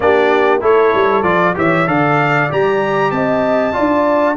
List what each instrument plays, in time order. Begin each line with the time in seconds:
0.00 tuba A#3, trombone D4, horn G4, trumpet D5
0.61 tuba A3, trombone E4, horn A4, trumpet C#5
0.94 tuba G3
1.22 tuba F3, trombone F4, trumpet D5
1.54 tuba E3, trombone G4, horn C#5, trumpet E5
1.86 tuba D3, trombone A4, horn D5, trumpet F5
2.49 tuba G3, trombone G4, trumpet A#5
3.11 tuba C4, horn D#5, trumpet A5
3.73 tuba D4, trombone F4, horn D5